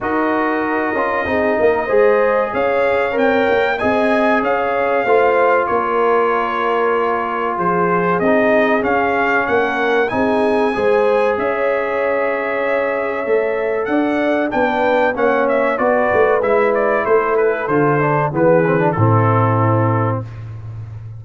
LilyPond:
<<
  \new Staff \with { instrumentName = "trumpet" } { \time 4/4 \tempo 4 = 95 dis''1 | f''4 g''4 gis''4 f''4~ | f''4 cis''2. | c''4 dis''4 f''4 fis''4 |
gis''2 e''2~ | e''2 fis''4 g''4 | fis''8 e''8 d''4 e''8 d''8 c''8 b'8 | c''4 b'4 a'2 | }
  \new Staff \with { instrumentName = "horn" } { \time 4/4 ais'2 gis'8 ais'8 c''4 | cis''2 dis''4 cis''4 | c''4 ais'2. | gis'2. ais'4 |
gis'4 c''4 cis''2~ | cis''2 d''4 b'4 | cis''4 b'2 a'4~ | a'4 gis'4 e'2 | }
  \new Staff \with { instrumentName = "trombone" } { \time 4/4 fis'4. f'8 dis'4 gis'4~ | gis'4 ais'4 gis'2 | f'1~ | f'4 dis'4 cis'2 |
dis'4 gis'2.~ | gis'4 a'2 d'4 | cis'4 fis'4 e'2 | f'8 d'8 b8 c'16 d'16 c'2 | }
  \new Staff \with { instrumentName = "tuba" } { \time 4/4 dis'4. cis'8 c'8 ais8 gis4 | cis'4 c'8 ais8 c'4 cis'4 | a4 ais2. | f4 c'4 cis'4 ais4 |
c'4 gis4 cis'2~ | cis'4 a4 d'4 b4 | ais4 b8 a8 gis4 a4 | d4 e4 a,2 | }
>>